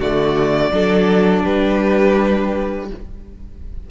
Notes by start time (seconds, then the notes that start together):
0.00 D3 A3 F#4 D5
0.72 F#3 D4 A4
1.43 G3 G4 B4